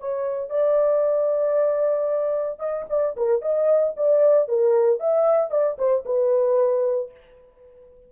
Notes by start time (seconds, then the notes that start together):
0.00 C#5
0.50 D5
2.60 D#5
2.90 D5
3.17 A#4
3.42 D#5
3.97 D5
4.48 A#4
5.00 E5
5.51 D5
5.78 C5
6.06 B4